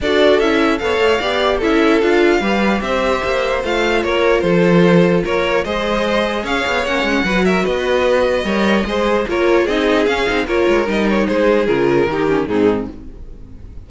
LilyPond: <<
  \new Staff \with { instrumentName = "violin" } { \time 4/4 \tempo 4 = 149 d''4 e''4 f''2 | e''4 f''2 e''4~ | e''4 f''4 cis''4 c''4~ | c''4 cis''4 dis''2 |
f''4 fis''4. e''8 dis''4~ | dis''2. cis''4 | dis''4 f''4 cis''4 dis''8 cis''8 | c''4 ais'2 gis'4 | }
  \new Staff \with { instrumentName = "violin" } { \time 4/4 a'2 cis''4 d''4 | a'2 b'4 c''4~ | c''2 ais'4 a'4~ | a'4 ais'4 c''2 |
cis''2 b'8 ais'8 b'4~ | b'4 cis''4 c''4 ais'4 | gis'2 ais'2 | gis'2 g'4 dis'4 | }
  \new Staff \with { instrumentName = "viola" } { \time 4/4 fis'4 e'4 a'4 g'4 | e'4 f'4 g'2~ | g'4 f'2.~ | f'2 gis'2~ |
gis'4 cis'4 fis'2~ | fis'4 ais'4 gis'4 f'4 | dis'4 cis'8 dis'8 f'4 dis'4~ | dis'4 f'4 dis'8 cis'8 c'4 | }
  \new Staff \with { instrumentName = "cello" } { \time 4/4 d'4 cis'4 b8 a8 b4 | cis'4 d'4 g4 c'4 | ais4 a4 ais4 f4~ | f4 ais4 gis2 |
cis'8 b8 ais8 gis8 fis4 b4~ | b4 g4 gis4 ais4 | c'4 cis'8 c'8 ais8 gis8 g4 | gis4 cis4 dis4 gis,4 | }
>>